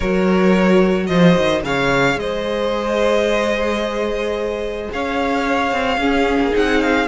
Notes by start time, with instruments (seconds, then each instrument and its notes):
0.00 cello F#3, viola F#4, violin A#4 C#5
1.06 cello F3, violin C5 D#5
1.37 cello D#3
1.62 cello C#3, viola G#4, violin C#5 F5
2.16 cello G#3, violin C5 D#5
4.92 cello C#4, violin C#5 F5
5.72 cello C4
5.97 cello C#4, viola C#4, violin G#4
6.39 cello A#3
6.51 cello C4, viola D#4, violin F#5
6.81 violin F5